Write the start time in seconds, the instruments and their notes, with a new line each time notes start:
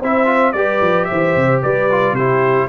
0.00 tuba C4, trombone E4, horn C5, trumpet E5
0.26 trombone F4
0.52 tuba G3, trombone G4, horn B4, trumpet D5
0.81 tuba F3
1.04 horn C5, trumpet E5
1.12 tuba E3
1.35 tuba C3
1.62 tuba G3, horn B4, trumpet D5
1.90 trombone F4
2.12 tuba C3, horn G4, trumpet C5
2.18 trombone E4